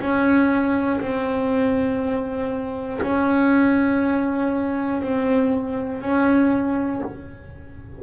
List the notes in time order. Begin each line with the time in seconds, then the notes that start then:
0.00 C#4
1.00 C4
3.01 C#4
5.01 C4
6.00 C#4